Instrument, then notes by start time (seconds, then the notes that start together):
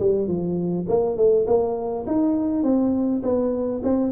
tuba
0.00 G3
0.28 F3
0.89 A#3
1.17 A3
1.47 A#3
2.07 D#4
2.63 C4
3.23 B3
3.84 C4